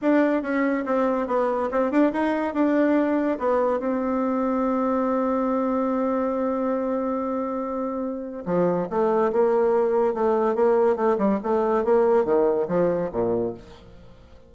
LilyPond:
\new Staff \with { instrumentName = "bassoon" } { \time 4/4 \tempo 4 = 142 d'4 cis'4 c'4 b4 | c'8 d'8 dis'4 d'2 | b4 c'2.~ | c'1~ |
c'1 | f4 a4 ais2 | a4 ais4 a8 g8 a4 | ais4 dis4 f4 ais,4 | }